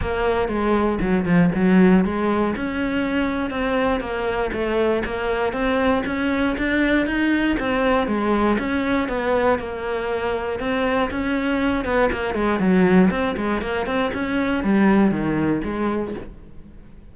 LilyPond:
\new Staff \with { instrumentName = "cello" } { \time 4/4 \tempo 4 = 119 ais4 gis4 fis8 f8 fis4 | gis4 cis'2 c'4 | ais4 a4 ais4 c'4 | cis'4 d'4 dis'4 c'4 |
gis4 cis'4 b4 ais4~ | ais4 c'4 cis'4. b8 | ais8 gis8 fis4 c'8 gis8 ais8 c'8 | cis'4 g4 dis4 gis4 | }